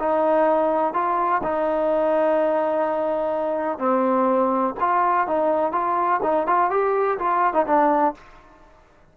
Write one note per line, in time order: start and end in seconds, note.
0.00 0.94 D#4
0.94 1.42 F4
1.44 3.79 D#4
3.79 4.75 C4
4.81 5.28 F4
5.28 5.73 D#4
5.73 6.21 F4
6.23 6.47 D#4
6.47 6.71 F4
6.71 7.19 G4
7.19 7.54 F4
7.54 7.66 D#4
7.67 8.15 D4